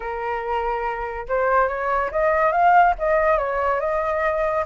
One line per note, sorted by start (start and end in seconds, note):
0.00 1.27 A#4
1.28 1.68 C5
1.68 2.10 C#5
2.11 2.52 D#5
2.52 2.94 F5
2.98 3.37 D#5
3.37 3.80 C#5
3.80 4.64 D#5